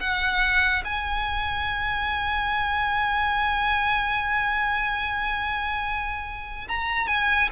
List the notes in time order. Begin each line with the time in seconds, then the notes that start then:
0.00 F#5
0.85 G#5
6.68 A#5
7.08 G#5